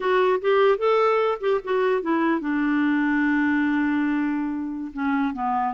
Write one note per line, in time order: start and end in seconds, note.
0.00 0.40 F#4
0.41 0.78 G4
0.78 1.38 A4
1.40 1.60 G4
1.64 2.02 F#4
2.02 2.40 E4
2.40 4.92 D4
4.93 5.33 C#4
5.33 5.73 B3